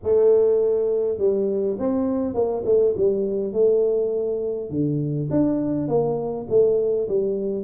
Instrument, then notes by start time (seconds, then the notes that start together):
tuba
0.03 A3
1.17 G3
1.79 C4
2.34 A#3
2.65 A3
2.97 G3
3.53 A3
4.70 D3
5.30 D4
5.87 A#3
6.49 A3
7.08 G3